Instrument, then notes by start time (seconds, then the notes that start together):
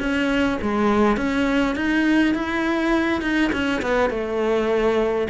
cello
0.00 C#4
0.62 G#3
1.17 C#4
1.76 D#4
2.35 E4
3.22 D#4
3.53 C#4
3.82 B3
4.11 A3